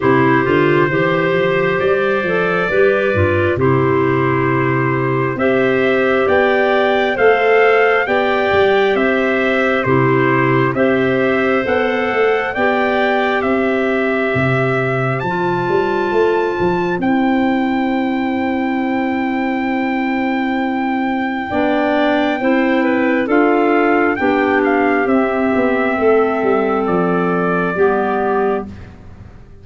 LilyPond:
<<
  \new Staff \with { instrumentName = "trumpet" } { \time 4/4 \tempo 4 = 67 c''2 d''2 | c''2 e''4 g''4 | f''4 g''4 e''4 c''4 | e''4 fis''4 g''4 e''4~ |
e''4 a''2 g''4~ | g''1~ | g''2 f''4 g''8 f''8 | e''2 d''2 | }
  \new Staff \with { instrumentName = "clarinet" } { \time 4/4 g'4 c''2 b'4 | g'2 c''4 d''4 | c''4 d''4 c''4 g'4 | c''2 d''4 c''4~ |
c''1~ | c''1 | d''4 c''8 b'8 a'4 g'4~ | g'4 a'2 g'4 | }
  \new Staff \with { instrumentName = "clarinet" } { \time 4/4 e'8 f'8 g'4. a'8 g'8 f'8 | e'2 g'2 | a'4 g'2 e'4 | g'4 a'4 g'2~ |
g'4 f'2 e'4~ | e'1 | d'4 e'4 f'4 d'4 | c'2. b4 | }
  \new Staff \with { instrumentName = "tuba" } { \time 4/4 c8 d8 e8 f8 g8 f8 g8 g,8 | c2 c'4 b4 | a4 b8 g8 c'4 c4 | c'4 b8 a8 b4 c'4 |
c4 f8 g8 a8 f8 c'4~ | c'1 | b4 c'4 d'4 b4 | c'8 b8 a8 g8 f4 g4 | }
>>